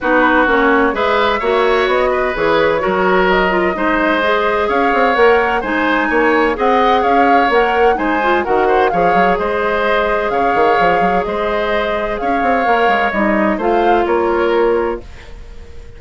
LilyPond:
<<
  \new Staff \with { instrumentName = "flute" } { \time 4/4 \tempo 4 = 128 b'4 cis''4 e''2 | dis''4 cis''2 dis''4~ | dis''2 f''4 fis''4 | gis''2 fis''4 f''4 |
fis''4 gis''4 fis''4 f''4 | dis''2 f''2 | dis''2 f''2 | dis''4 f''4 cis''2 | }
  \new Staff \with { instrumentName = "oboe" } { \time 4/4 fis'2 b'4 cis''4~ | cis''8 b'4. ais'2 | c''2 cis''2 | c''4 cis''4 dis''4 cis''4~ |
cis''4 c''4 ais'8 c''8 cis''4 | c''2 cis''2 | c''2 cis''2~ | cis''4 c''4 ais'2 | }
  \new Staff \with { instrumentName = "clarinet" } { \time 4/4 dis'4 cis'4 gis'4 fis'4~ | fis'4 gis'4 fis'4. f'8 | dis'4 gis'2 ais'4 | dis'2 gis'2 |
ais'4 dis'8 f'8 fis'4 gis'4~ | gis'1~ | gis'2. ais'4 | dis'4 f'2. | }
  \new Staff \with { instrumentName = "bassoon" } { \time 4/4 b4 ais4 gis4 ais4 | b4 e4 fis2 | gis2 cis'8 c'8 ais4 | gis4 ais4 c'4 cis'4 |
ais4 gis4 dis4 f8 fis8 | gis2 cis8 dis8 f8 fis8 | gis2 cis'8 c'8 ais8 gis8 | g4 a4 ais2 | }
>>